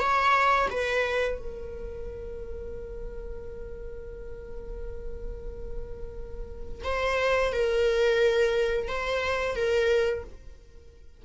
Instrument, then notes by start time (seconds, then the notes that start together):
viola
0.00 C#5
0.70 B4
1.39 A#4
6.84 C5
7.52 A#4
8.88 C5
9.55 A#4